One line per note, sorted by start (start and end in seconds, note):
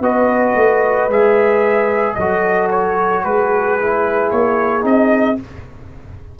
0.00 0.54 B3
0.00 1.10 F#4
0.00 2.15 B4
0.00 1.10 D#5
0.55 1.08 A3
1.08 2.15 G#3
1.08 2.17 G#4
1.08 2.14 E5
2.14 3.24 F#3
2.14 3.80 F#4
2.14 3.24 A4
2.14 2.67 D#5
2.71 3.24 C#5
3.24 4.31 G#3
3.24 5.38 G#4
3.24 4.31 B4
3.80 4.81 E4
4.31 4.83 A#3
4.31 4.84 C#5
4.81 5.37 C4
4.81 5.35 D#4
4.81 5.39 D#5